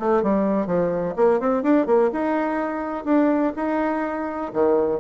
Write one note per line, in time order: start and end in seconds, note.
0.00 0.23 A3
0.23 0.67 G3
0.67 1.15 F3
1.17 1.41 A#3
1.41 1.63 C4
1.63 1.87 D4
1.87 2.11 A#3
2.13 3.05 D#4
3.05 3.53 D4
3.57 4.53 D#4
4.54 5.01 D#3